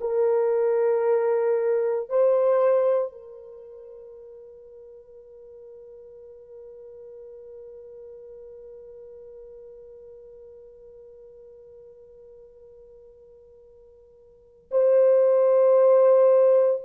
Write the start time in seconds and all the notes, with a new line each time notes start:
0.00 A#4
2.09 C5
3.11 A#4
14.71 C5